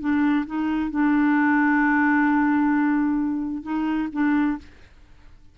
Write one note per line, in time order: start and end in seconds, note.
0.00 0.45 D4
0.46 0.90 D#4
0.90 3.63 D4
3.63 4.08 D#4
4.13 4.58 D4